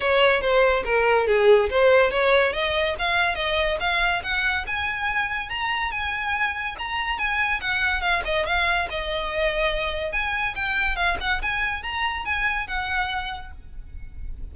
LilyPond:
\new Staff \with { instrumentName = "violin" } { \time 4/4 \tempo 4 = 142 cis''4 c''4 ais'4 gis'4 | c''4 cis''4 dis''4 f''4 | dis''4 f''4 fis''4 gis''4~ | gis''4 ais''4 gis''2 |
ais''4 gis''4 fis''4 f''8 dis''8 | f''4 dis''2. | gis''4 g''4 f''8 fis''8 gis''4 | ais''4 gis''4 fis''2 | }